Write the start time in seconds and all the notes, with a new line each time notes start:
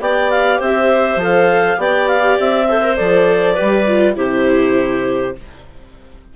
0.00 B3 G4 D5 G5
0.30 F5
0.59 C4 C5 E5
1.16 F3 A4
1.22 F5
1.76 B3 G4 D5 G5
2.08 F5
2.39 C4 E5
2.68 A4 C5
2.82 A#4
2.96 F3 A4 D5
3.54 G4 B4
3.61 G3
3.87 F4
4.16 C3 E4 G4 C5